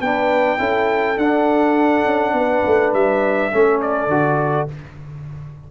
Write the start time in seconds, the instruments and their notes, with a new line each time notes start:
0.00 tuba B3, trombone D4, horn B4, trumpet G5
0.58 tuba C#4, trombone E4, horn A4
1.17 tuba D4, trumpet F#5
1.23 trombone D4
2.04 tuba C#4
2.33 tuba B3, horn B4
2.66 tuba A3
2.93 tuba G3, trumpet E5
3.52 tuba A3, trombone C#4, horn A4
3.81 trumpet D5
4.07 tuba D3, trombone F#4